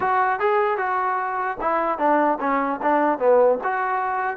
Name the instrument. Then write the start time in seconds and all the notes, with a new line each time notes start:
trombone
0.00 F#4
0.39 G#4
0.77 F#4
1.61 E4
1.98 D4
2.40 C#4
2.82 D4
3.18 B3
3.63 F#4